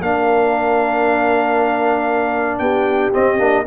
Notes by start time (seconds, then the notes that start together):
0.00 A#3 D4 A#4 F5
2.59 B3 G4 G5
3.13 C4 D#5
3.38 A#3 D4